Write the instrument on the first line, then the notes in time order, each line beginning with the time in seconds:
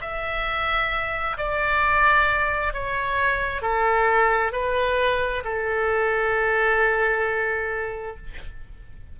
oboe
0.00 E5
1.37 D5
2.73 C#5
3.62 A4
4.52 B4
5.44 A4